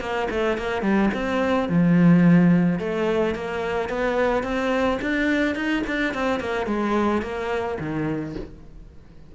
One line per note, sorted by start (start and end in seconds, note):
0.00 0.28 A#3
0.30 0.57 A3
0.57 0.82 A#3
0.82 1.09 G3
1.14 1.68 C4
1.68 2.79 F3
2.79 3.34 A3
3.35 3.89 A#3
3.89 4.43 B3
4.43 4.98 C4
5.01 5.55 D4
5.55 5.82 D#4
5.86 6.14 D4
6.14 6.39 C4
6.39 6.66 A#3
6.66 7.21 G#3
7.21 7.77 A#3
7.79 8.35 D#3